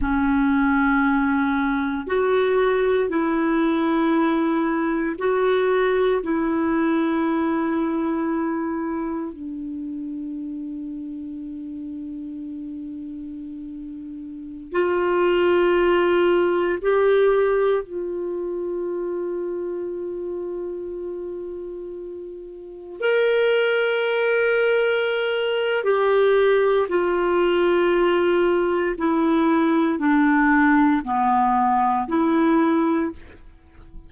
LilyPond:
\new Staff \with { instrumentName = "clarinet" } { \time 4/4 \tempo 4 = 58 cis'2 fis'4 e'4~ | e'4 fis'4 e'2~ | e'4 d'2.~ | d'2~ d'16 f'4.~ f'16~ |
f'16 g'4 f'2~ f'8.~ | f'2~ f'16 ais'4.~ ais'16~ | ais'4 g'4 f'2 | e'4 d'4 b4 e'4 | }